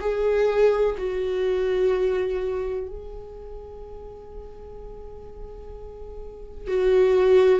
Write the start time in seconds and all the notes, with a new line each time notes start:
0.00 G#4
0.97 F#4
2.87 G#4
6.68 F#4